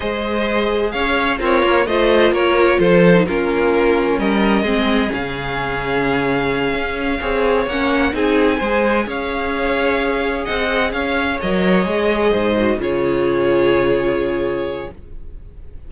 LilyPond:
<<
  \new Staff \with { instrumentName = "violin" } { \time 4/4 \tempo 4 = 129 dis''2 f''4 cis''4 | dis''4 cis''4 c''4 ais'4~ | ais'4 dis''2 f''4~ | f''1~ |
f''8 fis''4 gis''2 f''8~ | f''2~ f''8 fis''4 f''8~ | f''8 dis''2. cis''8~ | cis''1 | }
  \new Staff \with { instrumentName = "violin" } { \time 4/4 c''2 cis''4 f'4 | c''4 ais'4 a'4 f'4~ | f'4 ais'4 gis'2~ | gis'2.~ gis'8 cis''8~ |
cis''4. gis'4 c''4 cis''8~ | cis''2~ cis''8 dis''4 cis''8~ | cis''2~ cis''8 c''4 gis'8~ | gis'1 | }
  \new Staff \with { instrumentName = "viola" } { \time 4/4 gis'2. ais'4 | f'2~ f'8. dis'16 cis'4~ | cis'2 c'4 cis'4~ | cis'2.~ cis'8 gis'8~ |
gis'8 cis'4 dis'4 gis'4.~ | gis'1~ | gis'8 ais'4 gis'4. fis'8 f'8~ | f'1 | }
  \new Staff \with { instrumentName = "cello" } { \time 4/4 gis2 cis'4 c'8 ais8 | a4 ais4 f4 ais4~ | ais4 g4 gis4 cis4~ | cis2~ cis8 cis'4 c'8~ |
c'8 ais4 c'4 gis4 cis'8~ | cis'2~ cis'8 c'4 cis'8~ | cis'8 fis4 gis4 gis,4 cis8~ | cis1 | }
>>